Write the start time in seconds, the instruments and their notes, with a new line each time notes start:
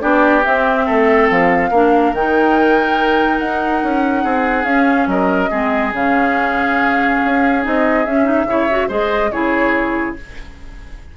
0.00 bassoon B3, clarinet D4, oboe G4, flute D5
0.44 clarinet C4, bassoon C4, flute E5
0.86 bassoon A3, oboe A4
1.30 bassoon F3, flute F5
1.71 bassoon A#3, clarinet D4, oboe A#4
2.13 bassoon D#3, clarinet D#4, flute G5
3.39 bassoon D#4, flute F#5
3.83 bassoon C#4
4.24 bassoon C4, oboe G#4
4.64 bassoon C#4, clarinet C#4, flute F5
5.07 bassoon F#3, oboe A#4, flute D#5
5.50 bassoon G#3, clarinet C4, oboe G#4
5.93 bassoon C#3, clarinet C#4, flute F5
7.24 bassoon C#4
7.62 bassoon C4, clarinet D#4, flute D#5
8.05 bassoon C#4, clarinet C#4, flute E5
8.24 clarinet D#4
8.44 bassoon C#3, clarinet E4, oboe C#5
8.70 clarinet F#4
8.88 bassoon G#3, clarinet G#4, oboe C5, flute D#5
9.31 bassoon C#3, clarinet E4, oboe G#4, flute C#5